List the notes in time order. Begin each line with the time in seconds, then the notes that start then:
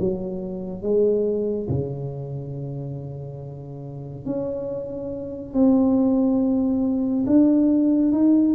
0.00 F#3
0.83 G#3
1.69 C#3
4.26 C#4
5.54 C4
7.27 D4
8.13 D#4